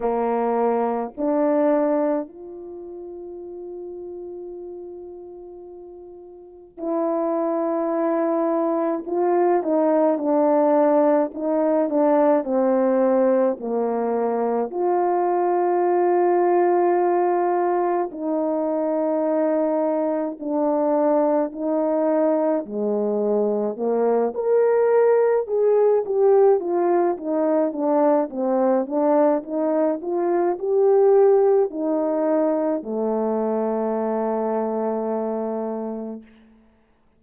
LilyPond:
\new Staff \with { instrumentName = "horn" } { \time 4/4 \tempo 4 = 53 ais4 d'4 f'2~ | f'2 e'2 | f'8 dis'8 d'4 dis'8 d'8 c'4 | ais4 f'2. |
dis'2 d'4 dis'4 | gis4 ais8 ais'4 gis'8 g'8 f'8 | dis'8 d'8 c'8 d'8 dis'8 f'8 g'4 | dis'4 a2. | }